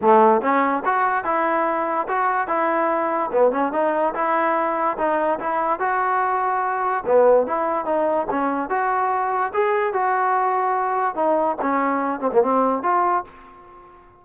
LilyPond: \new Staff \with { instrumentName = "trombone" } { \time 4/4 \tempo 4 = 145 a4 cis'4 fis'4 e'4~ | e'4 fis'4 e'2 | b8 cis'8 dis'4 e'2 | dis'4 e'4 fis'2~ |
fis'4 b4 e'4 dis'4 | cis'4 fis'2 gis'4 | fis'2. dis'4 | cis'4. c'16 ais16 c'4 f'4 | }